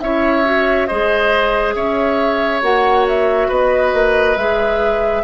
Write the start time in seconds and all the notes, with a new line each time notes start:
0.00 C#4 E4 C#5 E5
0.44 F#4
0.86 G#3 G#4 C5 D#5
1.74 C#4 C#5 E5
2.62 A#3 F#4 F#5
3.07 E5
3.48 B3 B4 D#5
3.93 A#3
4.36 G#3 G#4 E5